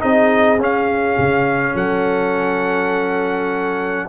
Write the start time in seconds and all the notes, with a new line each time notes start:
0.00 C4 D#4 G#4 D#5
0.59 C#4 F5
1.18 C#3
1.74 F#3 A4 F#5